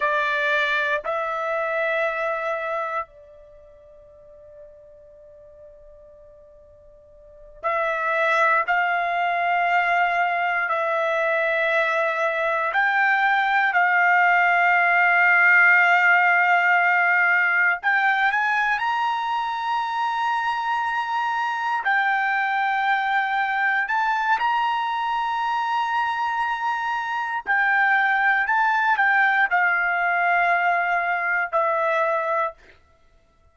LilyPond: \new Staff \with { instrumentName = "trumpet" } { \time 4/4 \tempo 4 = 59 d''4 e''2 d''4~ | d''2.~ d''8 e''8~ | e''8 f''2 e''4.~ | e''8 g''4 f''2~ f''8~ |
f''4. g''8 gis''8 ais''4.~ | ais''4. g''2 a''8 | ais''2. g''4 | a''8 g''8 f''2 e''4 | }